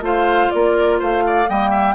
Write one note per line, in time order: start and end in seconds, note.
0.00 0.48 A3
0.00 1.45 F4
0.00 0.52 C5
0.00 0.50 F5
0.50 1.01 A#3
0.50 0.98 A#4
0.50 0.98 D5
0.98 1.48 A3
0.98 1.22 C5
0.98 1.49 F5
1.27 1.49 D5
1.48 1.94 G3
1.48 1.94 A#3
1.48 1.70 D#5
1.48 1.94 G5
1.70 1.94 E5